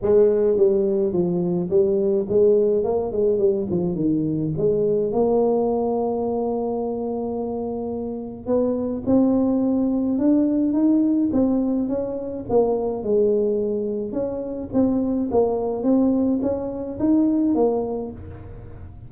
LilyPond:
\new Staff \with { instrumentName = "tuba" } { \time 4/4 \tempo 4 = 106 gis4 g4 f4 g4 | gis4 ais8 gis8 g8 f8 dis4 | gis4 ais2.~ | ais2. b4 |
c'2 d'4 dis'4 | c'4 cis'4 ais4 gis4~ | gis4 cis'4 c'4 ais4 | c'4 cis'4 dis'4 ais4 | }